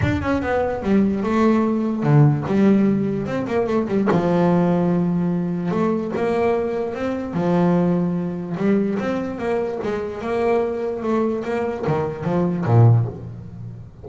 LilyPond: \new Staff \with { instrumentName = "double bass" } { \time 4/4 \tempo 4 = 147 d'8 cis'8 b4 g4 a4~ | a4 d4 g2 | c'8 ais8 a8 g8 f2~ | f2 a4 ais4~ |
ais4 c'4 f2~ | f4 g4 c'4 ais4 | gis4 ais2 a4 | ais4 dis4 f4 ais,4 | }